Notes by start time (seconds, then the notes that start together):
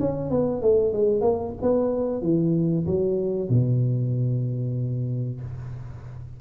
0.00 C#4
0.30 B3
0.62 A3
0.93 G#3
1.21 A#3
1.62 B3
2.22 E3
2.87 F#3
3.50 B2